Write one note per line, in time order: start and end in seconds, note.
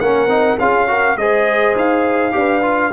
0.00 0.27 A#3
0.00 0.29 C#4
0.00 0.60 A#4
0.00 0.58 F#5
0.27 0.56 C4
0.27 0.58 D#4
0.59 1.16 C#4
0.59 0.88 F4
0.59 0.88 G#4
0.59 1.17 F5
0.88 1.17 F#4
0.88 1.17 A#4
1.16 1.74 G#3
1.16 2.32 G#4
1.16 2.36 C5
1.16 1.76 D#5
1.76 2.34 D#4
1.76 2.92 F5
2.32 2.92 D4
2.32 2.61 G4
2.32 2.92 B4
2.62 2.91 F4